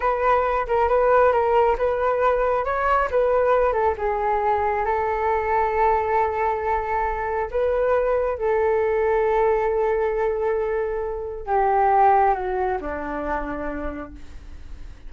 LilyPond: \new Staff \with { instrumentName = "flute" } { \time 4/4 \tempo 4 = 136 b'4. ais'8 b'4 ais'4 | b'2 cis''4 b'4~ | b'8 a'8 gis'2 a'4~ | a'1~ |
a'4 b'2 a'4~ | a'1~ | a'2 g'2 | fis'4 d'2. | }